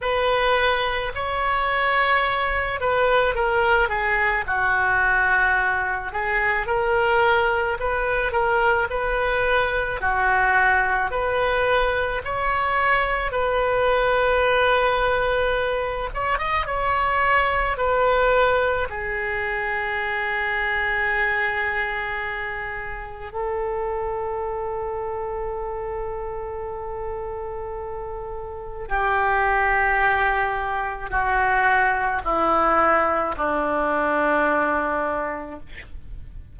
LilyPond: \new Staff \with { instrumentName = "oboe" } { \time 4/4 \tempo 4 = 54 b'4 cis''4. b'8 ais'8 gis'8 | fis'4. gis'8 ais'4 b'8 ais'8 | b'4 fis'4 b'4 cis''4 | b'2~ b'8 cis''16 dis''16 cis''4 |
b'4 gis'2.~ | gis'4 a'2.~ | a'2 g'2 | fis'4 e'4 d'2 | }